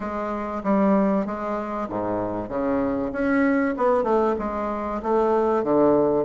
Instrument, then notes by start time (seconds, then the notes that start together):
bassoon
0.00 G#3
0.63 G3
1.26 G#3
1.88 G#2
2.48 C#3
3.12 C#4
3.77 B3
4.03 A3
4.39 G#3
5.02 A3
5.63 D3